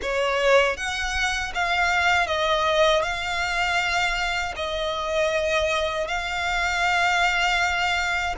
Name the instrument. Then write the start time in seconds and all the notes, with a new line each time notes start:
violin
0.02 C#5
0.77 F#5
1.54 F5
2.26 D#5
3.02 F5
4.56 D#5
6.07 F5